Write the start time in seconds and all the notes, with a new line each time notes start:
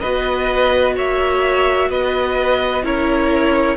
0.00 B3 F#4 B4 D#5
0.95 A#3 C#5 E5
1.89 B3 B4 D#5
2.83 C#4 E4 A#4 C#5